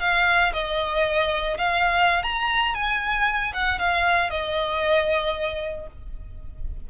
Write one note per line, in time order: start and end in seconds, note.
0.00 0.52 F5
0.53 1.57 D#5
1.58 2.23 F5
2.23 2.74 A#5
2.74 3.52 G#5
3.53 3.79 F#5
3.79 4.30 F5
4.30 5.87 D#5